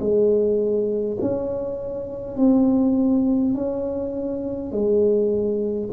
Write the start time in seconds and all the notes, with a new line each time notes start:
0.00 G#3
1.21 C#4
2.36 C4
3.54 C#4
4.72 G#3